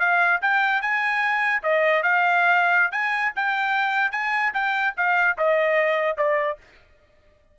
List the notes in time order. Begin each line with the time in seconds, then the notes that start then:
0.00 F5
0.42 G5
0.82 G#5
1.63 D#5
2.03 F5
2.92 G#5
3.36 G5
4.12 G#5
4.54 G5
4.97 F5
5.38 D#5
6.18 D5